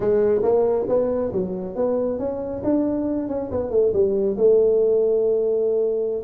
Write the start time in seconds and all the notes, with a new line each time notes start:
0.00 G#3
0.42 A#3
0.88 B3
1.32 F#3
1.75 B3
2.18 C#4
2.63 D4
3.28 C#4
3.51 B3
3.70 A3
3.93 G3
4.37 A3